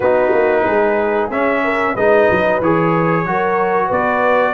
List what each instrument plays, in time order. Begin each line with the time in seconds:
0.00 tuba B3, trombone D#4, horn F#4, trumpet B4
0.32 tuba A#3
0.63 tuba G#3, horn G#4
1.29 tuba C#4, trombone C#4, trumpet E5
1.64 horn A#4
1.94 tuba G#3, trombone D#4, horn B4, trumpet D#5
2.30 tuba F#3
2.60 tuba E3, trombone G#4, trumpet C#5
3.25 tuba F#3, trombone F#4, horn A#4
3.87 tuba B3, horn B4, trumpet D5